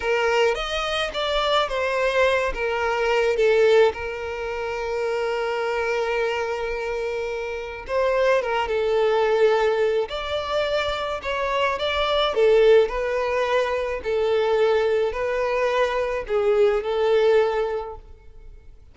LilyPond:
\new Staff \with { instrumentName = "violin" } { \time 4/4 \tempo 4 = 107 ais'4 dis''4 d''4 c''4~ | c''8 ais'4. a'4 ais'4~ | ais'1~ | ais'2 c''4 ais'8 a'8~ |
a'2 d''2 | cis''4 d''4 a'4 b'4~ | b'4 a'2 b'4~ | b'4 gis'4 a'2 | }